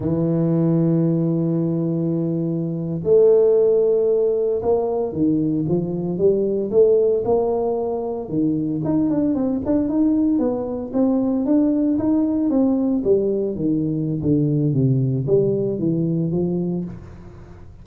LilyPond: \new Staff \with { instrumentName = "tuba" } { \time 4/4 \tempo 4 = 114 e1~ | e4.~ e16 a2~ a16~ | a8. ais4 dis4 f4 g16~ | g8. a4 ais2 dis16~ |
dis8. dis'8 d'8 c'8 d'8 dis'4 b16~ | b8. c'4 d'4 dis'4 c'16~ | c'8. g4 dis4~ dis16 d4 | c4 g4 e4 f4 | }